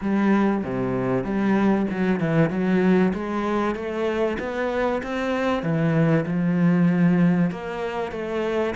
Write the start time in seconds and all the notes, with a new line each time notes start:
0.01 G3
0.63 C3
1.24 G3
1.90 F#3
2.20 E3
2.50 F#3
3.13 G#3
3.75 A3
4.39 B3
5.03 C4
5.62 E3
6.26 F3
7.50 A#3
8.11 A3